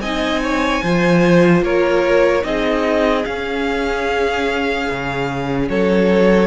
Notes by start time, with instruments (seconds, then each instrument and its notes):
0.00 cello C4, viola D#4, violin D#5 G#5
0.43 violin C#5
0.83 cello F3, viola F4, violin C5
1.62 cello A#3, violin A#4 C#5
2.42 cello C4, viola D#4, violin G#4 D#5
3.25 viola C#4, cello C#4, violin F5
4.90 cello C#3
5.69 cello F#3, violin A4 C#5